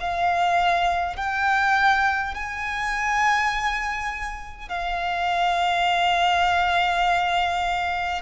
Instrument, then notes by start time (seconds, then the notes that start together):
violin
0.00 F5
1.17 G5
2.34 G#5
4.68 F5